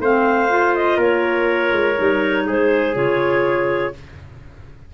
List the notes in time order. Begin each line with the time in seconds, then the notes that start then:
0.00 A3 C4 C5 F5
0.49 F4
0.76 D#5
0.97 A#3 A#4 C#5
1.72 G#3
1.97 G3 D#4
2.47 G#3 G#4 C5
2.95 C#3 F4 C#5